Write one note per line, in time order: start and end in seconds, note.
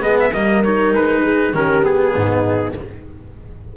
0.00 0.32 G#3
0.00 0.30 B3
0.00 0.32 G#4
0.00 0.17 D#5
0.19 0.33 E5
0.33 0.93 G3
0.33 0.64 A#3
0.33 1.23 A#4
0.33 0.63 D#5
0.64 1.53 D#4
0.64 0.94 C#5
0.93 1.53 G#3
0.93 1.55 B4
1.23 1.53 G#4
1.53 2.14 D#3
1.53 1.82 C#4
1.53 2.15 G4
1.53 1.84 A#4
1.82 2.73 B3
1.82 2.75 G#4
2.15 2.76 G#2
2.15 2.76 D#4